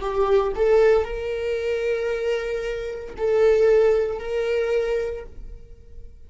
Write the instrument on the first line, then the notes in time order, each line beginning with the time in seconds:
viola
0.00 G4
0.56 A4
1.04 A#4
3.17 A4
4.19 A#4